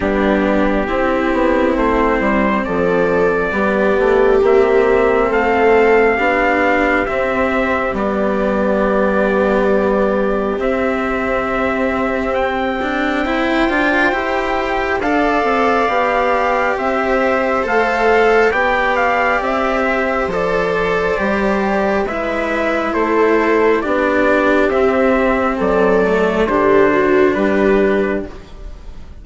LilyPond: <<
  \new Staff \with { instrumentName = "trumpet" } { \time 4/4 \tempo 4 = 68 g'2 c''4 d''4~ | d''4 e''4 f''2 | e''4 d''2. | e''2 g''2~ |
g''4 f''2 e''4 | f''4 g''8 f''8 e''4 d''4~ | d''4 e''4 c''4 d''4 | e''4 d''4 c''4 b'4 | }
  \new Staff \with { instrumentName = "viola" } { \time 4/4 d'4 e'2 a'4 | g'2 a'4 g'4~ | g'1~ | g'2. c''4~ |
c''4 d''2 c''4~ | c''4 d''4. c''4.~ | c''4 b'4 a'4 g'4~ | g'4 a'4 g'8 fis'8 g'4 | }
  \new Staff \with { instrumentName = "cello" } { \time 4/4 b4 c'2. | b4 c'2 d'4 | c'4 b2. | c'2~ c'8 d'8 e'8 f'8 |
g'4 a'4 g'2 | a'4 g'2 a'4 | g'4 e'2 d'4 | c'4. a8 d'2 | }
  \new Staff \with { instrumentName = "bassoon" } { \time 4/4 g4 c'8 b8 a8 g8 f4 | g8 a8 ais4 a4 b4 | c'4 g2. | c'2.~ c'8 d'8 |
e'4 d'8 c'8 b4 c'4 | a4 b4 c'4 f4 | g4 gis4 a4 b4 | c'4 fis4 d4 g4 | }
>>